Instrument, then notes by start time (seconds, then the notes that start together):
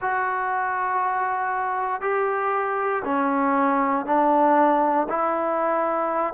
trombone
0.00 F#4
2.01 G4
3.04 C#4
4.05 D4
5.08 E4